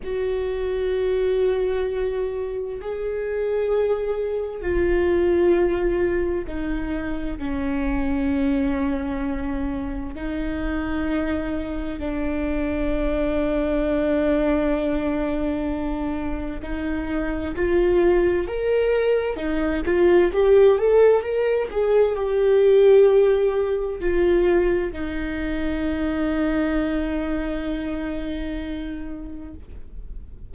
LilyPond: \new Staff \with { instrumentName = "viola" } { \time 4/4 \tempo 4 = 65 fis'2. gis'4~ | gis'4 f'2 dis'4 | cis'2. dis'4~ | dis'4 d'2.~ |
d'2 dis'4 f'4 | ais'4 dis'8 f'8 g'8 a'8 ais'8 gis'8 | g'2 f'4 dis'4~ | dis'1 | }